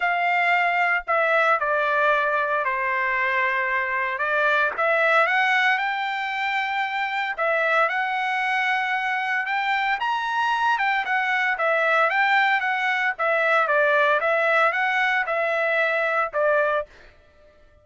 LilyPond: \new Staff \with { instrumentName = "trumpet" } { \time 4/4 \tempo 4 = 114 f''2 e''4 d''4~ | d''4 c''2. | d''4 e''4 fis''4 g''4~ | g''2 e''4 fis''4~ |
fis''2 g''4 ais''4~ | ais''8 g''8 fis''4 e''4 g''4 | fis''4 e''4 d''4 e''4 | fis''4 e''2 d''4 | }